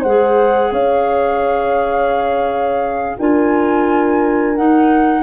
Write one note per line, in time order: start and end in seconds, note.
0.00 0.72 G#3
0.00 0.70 C5
0.00 0.72 F#5
0.06 3.19 G#4
0.71 3.16 C#4
0.71 3.16 C#5
0.71 3.17 F5
3.18 4.57 D4
3.18 4.56 F4
3.18 5.23 A#4
3.18 4.56 G#5
4.56 5.23 D#4
4.56 5.23 F#5